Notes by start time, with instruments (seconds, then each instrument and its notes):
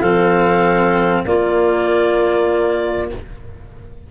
0.00 tuba F3, cello C4, clarinet A4 F5
1.25 tuba A#3, cello A#3, clarinet F4 D5